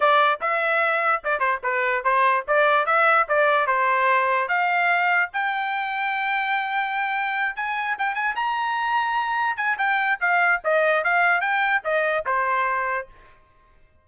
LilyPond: \new Staff \with { instrumentName = "trumpet" } { \time 4/4 \tempo 4 = 147 d''4 e''2 d''8 c''8 | b'4 c''4 d''4 e''4 | d''4 c''2 f''4~ | f''4 g''2.~ |
g''2~ g''8 gis''4 g''8 | gis''8 ais''2. gis''8 | g''4 f''4 dis''4 f''4 | g''4 dis''4 c''2 | }